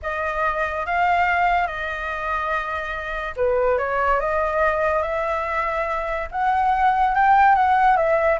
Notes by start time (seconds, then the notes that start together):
0.02 D#5
0.86 F5
1.67 D#5
3.36 B4
3.78 C#5
4.20 D#5
5.02 E5
6.31 F#5
7.14 G5
7.55 F#5
7.97 E5